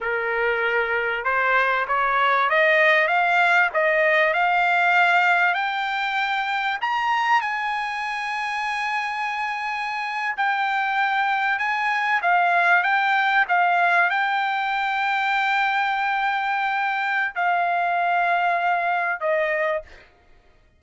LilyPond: \new Staff \with { instrumentName = "trumpet" } { \time 4/4 \tempo 4 = 97 ais'2 c''4 cis''4 | dis''4 f''4 dis''4 f''4~ | f''4 g''2 ais''4 | gis''1~ |
gis''8. g''2 gis''4 f''16~ | f''8. g''4 f''4 g''4~ g''16~ | g''1 | f''2. dis''4 | }